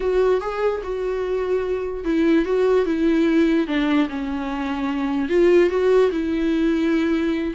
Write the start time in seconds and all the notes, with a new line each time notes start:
0.00 F#4
0.40 G#4
0.83 F#4
2.04 E4
2.45 F#4
2.85 E4
3.67 D4
4.09 C#4
5.29 F4
5.69 F#4
6.11 E4